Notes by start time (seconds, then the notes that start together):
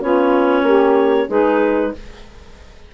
0.00 B3 C#4 F4 C#5
0.62 A#3 G4
1.27 G#3 D#4 G#4 B4